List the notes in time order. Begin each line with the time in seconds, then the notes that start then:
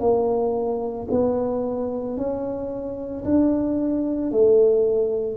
0.00 A#3
1.11 B3
2.17 C#4
3.25 D4
4.31 A3